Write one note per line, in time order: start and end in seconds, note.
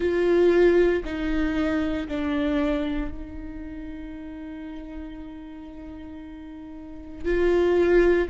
0.00 1.03 F4
1.04 2.07 D#4
2.08 3.11 D4
3.11 7.25 D#4
7.25 8.28 F4